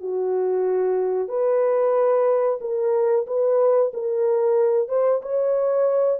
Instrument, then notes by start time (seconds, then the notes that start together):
horn
0.00 F#4
1.28 B4
2.61 A#4
3.27 B4
3.93 A#4
4.89 C5
5.22 C#5